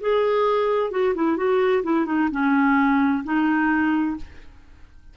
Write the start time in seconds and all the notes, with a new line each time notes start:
0.00 G#4
0.91 F#4
1.15 E4
1.37 F#4
1.83 E4
2.06 D#4
2.31 C#4
3.24 D#4